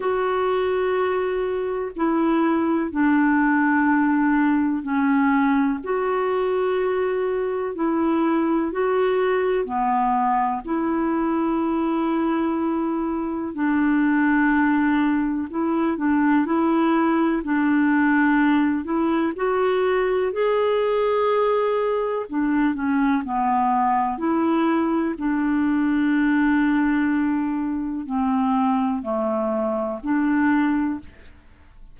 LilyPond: \new Staff \with { instrumentName = "clarinet" } { \time 4/4 \tempo 4 = 62 fis'2 e'4 d'4~ | d'4 cis'4 fis'2 | e'4 fis'4 b4 e'4~ | e'2 d'2 |
e'8 d'8 e'4 d'4. e'8 | fis'4 gis'2 d'8 cis'8 | b4 e'4 d'2~ | d'4 c'4 a4 d'4 | }